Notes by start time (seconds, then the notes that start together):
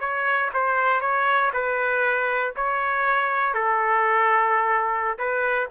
0.00 C#5
0.54 C5
1.01 C#5
1.53 B4
2.56 C#5
3.54 A4
5.18 B4